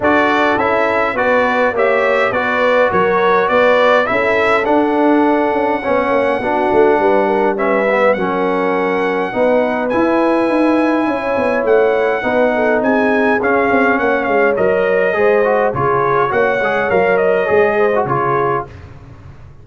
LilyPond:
<<
  \new Staff \with { instrumentName = "trumpet" } { \time 4/4 \tempo 4 = 103 d''4 e''4 d''4 e''4 | d''4 cis''4 d''4 e''4 | fis''1~ | fis''4 e''4 fis''2~ |
fis''4 gis''2. | fis''2 gis''4 f''4 | fis''8 f''8 dis''2 cis''4 | fis''4 f''8 dis''4. cis''4 | }
  \new Staff \with { instrumentName = "horn" } { \time 4/4 a'2 b'4 cis''4 | b'4 ais'4 b'4 a'4~ | a'2 cis''4 fis'4 | b'8 ais'8 b'4 ais'2 |
b'2. cis''4~ | cis''4 b'8 a'8 gis'2 | cis''2 c''4 gis'4 | cis''2~ cis''8 c''8 gis'4 | }
  \new Staff \with { instrumentName = "trombone" } { \time 4/4 fis'4 e'4 fis'4 g'4 | fis'2. e'4 | d'2 cis'4 d'4~ | d'4 cis'8 b8 cis'2 |
dis'4 e'2.~ | e'4 dis'2 cis'4~ | cis'4 ais'4 gis'8 fis'8 f'4 | fis'8 gis'8 ais'4 gis'8. fis'16 f'4 | }
  \new Staff \with { instrumentName = "tuba" } { \time 4/4 d'4 cis'4 b4 ais4 | b4 fis4 b4 cis'4 | d'4. cis'8 b8 ais8 b8 a8 | g2 fis2 |
b4 e'4 dis'4 cis'8 b8 | a4 b4 c'4 cis'8 c'8 | ais8 gis8 fis4 gis4 cis4 | ais8 gis8 fis4 gis4 cis4 | }
>>